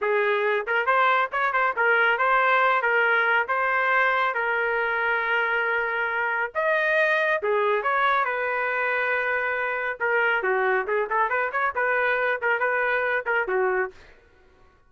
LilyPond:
\new Staff \with { instrumentName = "trumpet" } { \time 4/4 \tempo 4 = 138 gis'4. ais'8 c''4 cis''8 c''8 | ais'4 c''4. ais'4. | c''2 ais'2~ | ais'2. dis''4~ |
dis''4 gis'4 cis''4 b'4~ | b'2. ais'4 | fis'4 gis'8 a'8 b'8 cis''8 b'4~ | b'8 ais'8 b'4. ais'8 fis'4 | }